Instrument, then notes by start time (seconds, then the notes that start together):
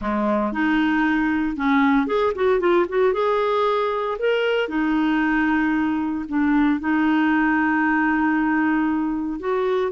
clarinet
0.01 G#3
0.52 D#4
1.56 C#4
2.06 G#4
2.35 F#4
2.59 F4
2.88 F#4
3.13 G#4
4.18 A#4
4.68 D#4
6.28 D4
6.79 D#4
9.39 F#4